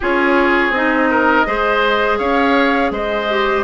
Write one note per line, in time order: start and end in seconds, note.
0.00 0.69 C#4
0.00 0.74 F4
0.00 1.09 G#4
0.00 0.73 C#5
0.69 1.43 C4
0.69 1.45 D#4
0.69 2.18 D#5
1.10 1.46 A#4
1.45 2.19 G#3
1.45 3.28 G#4
1.45 2.18 C5
2.18 2.91 C#4
2.18 2.91 C#5
2.18 2.91 F5
2.91 3.63 G#3
2.91 3.63 C5
2.91 3.63 D#5
3.29 3.63 G4